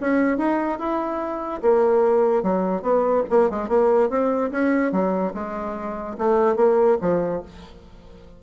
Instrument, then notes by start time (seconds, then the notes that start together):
bassoon
0.00 C#4
0.37 D#4
0.78 E4
1.61 A#3
2.43 F#3
2.82 B3
3.30 A#3
3.50 G#3
3.68 A#3
4.09 C4
4.51 C#4
4.92 F#3
5.34 G#3
6.18 A3
6.56 A#3
7.01 F3